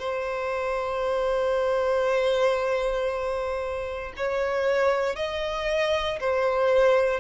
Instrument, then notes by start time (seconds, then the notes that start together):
violin
0.00 C5
4.17 C#5
5.16 D#5
6.21 C5